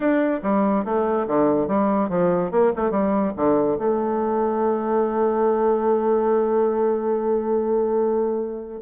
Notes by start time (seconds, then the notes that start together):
0.00 D4
0.42 G3
0.84 A3
1.27 D3
1.67 G3
2.09 F3
2.51 A#3
2.76 A3
2.90 G3
3.36 D3
3.77 A3